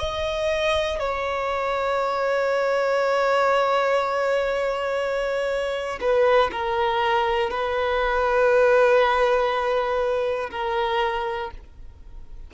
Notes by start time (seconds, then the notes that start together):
0.00 D#5
1.00 C#5
6.01 B4
6.52 A#4
7.50 B4
10.51 A#4